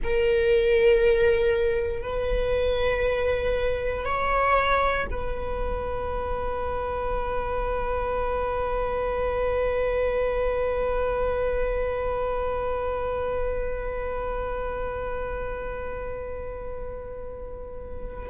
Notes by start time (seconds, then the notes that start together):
0.03 A#4
2.03 B4
4.05 C#5
5.10 B4